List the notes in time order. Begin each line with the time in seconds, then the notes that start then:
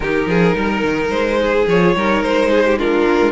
0.00 D#3 D#4 G4 A#4
0.26 F3 G#4
0.55 G3 A#4
0.84 D#3
1.09 G#3 C5
1.40 G#4
1.67 F3 F4 C#5
1.95 G3 D#4 A#4
2.22 G#3 C5
2.50 G#4
2.65 G4
2.78 D4 F4 A#4
3.07 A#3
3.21 G#3